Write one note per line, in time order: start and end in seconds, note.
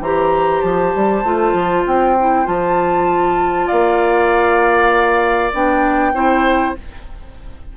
0.00 0.61 E3
0.00 1.25 G4
0.00 3.67 C5
0.00 0.62 A#5
0.62 0.93 F3
0.62 1.84 A5
0.95 1.24 G3
1.24 1.53 A3
1.24 2.16 F4
1.53 1.84 F3
1.86 2.47 C4
1.86 2.47 G5
2.19 2.45 E4
2.45 3.69 F3
2.45 5.51 F4
2.45 3.68 A5
3.67 5.53 A#3
3.67 6.12 D5
3.67 5.51 F5
5.53 6.13 B3
5.53 6.14 D4
5.53 6.77 G5
6.13 6.75 C4
6.13 6.75 E4
6.13 6.76 C5